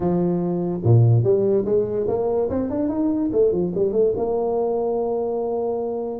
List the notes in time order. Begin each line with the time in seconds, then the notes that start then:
0.00 F3
0.83 A#2
1.23 G3
1.65 G#3
2.07 A#3
2.49 C4
2.70 D4
2.89 D#4
3.32 A3
3.52 F3
3.74 G3
3.92 A3
4.16 A#3